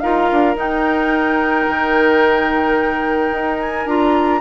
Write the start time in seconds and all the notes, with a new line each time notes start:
0.00 D#4 F4 A#4 F5
0.31 D4
0.55 D#4 G5
1.68 D#3
3.31 D#4
3.59 G#5
3.86 D4 F4 A#5